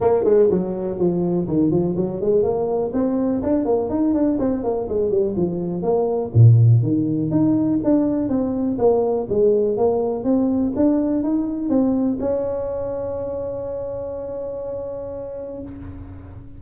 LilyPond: \new Staff \with { instrumentName = "tuba" } { \time 4/4 \tempo 4 = 123 ais8 gis8 fis4 f4 dis8 f8 | fis8 gis8 ais4 c'4 d'8 ais8 | dis'8 d'8 c'8 ais8 gis8 g8 f4 | ais4 ais,4 dis4 dis'4 |
d'4 c'4 ais4 gis4 | ais4 c'4 d'4 dis'4 | c'4 cis'2.~ | cis'1 | }